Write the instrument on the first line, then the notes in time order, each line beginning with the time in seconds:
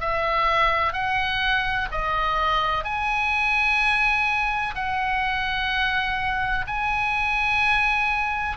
oboe
0.00 E5
0.93 F#5
1.91 D#5
2.84 G#5
4.75 F#5
6.67 G#5